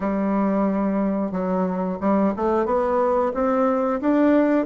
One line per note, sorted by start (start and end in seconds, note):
0.00 1.32 G3
1.32 1.98 F#3
2.00 2.33 G3
2.36 2.65 A3
2.65 3.32 B3
3.33 4.00 C4
4.01 4.65 D4